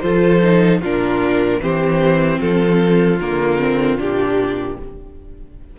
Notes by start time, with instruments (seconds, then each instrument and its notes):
0.00 cello F3, viola F4, violin A4 C5
0.43 viola D#4
0.81 cello A#2, viola D4, violin F4 A#4
1.61 cello E3, viola C4, violin G4 C5
2.40 cello F3, violin F4 A4
3.20 cello D3, viola A#3, violin A#4
3.60 viola C4
3.97 cello A#2, viola D4, violin G4